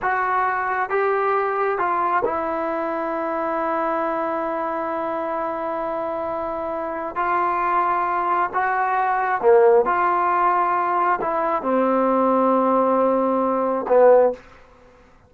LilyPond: \new Staff \with { instrumentName = "trombone" } { \time 4/4 \tempo 4 = 134 fis'2 g'2 | f'4 e'2.~ | e'1~ | e'1 |
f'2. fis'4~ | fis'4 ais4 f'2~ | f'4 e'4 c'2~ | c'2. b4 | }